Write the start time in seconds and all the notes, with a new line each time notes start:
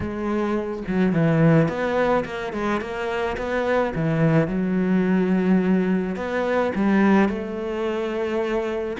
0.00 G#3
0.87 F#3
1.12 E3
1.68 B3
2.24 A#3
2.53 G#3
2.80 A#3
3.37 B3
3.95 E3
4.47 F#3
6.16 B3
6.75 G3
7.28 A3